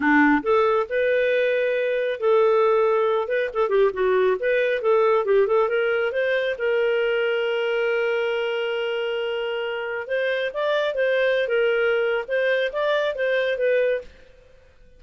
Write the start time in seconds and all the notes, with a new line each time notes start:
0.00 D4
0.43 A4
0.89 B4
2.19 A4
3.28 B4
3.53 A4
3.69 G4
3.93 F#4
4.39 B4
4.81 A4
5.25 G4
5.47 A4
5.69 A#4
6.12 C5
6.58 A#4
10.07 C5
10.53 D5
10.94 C5
11.47 A#4
12.27 C5
12.72 D5
13.15 C5
13.57 B4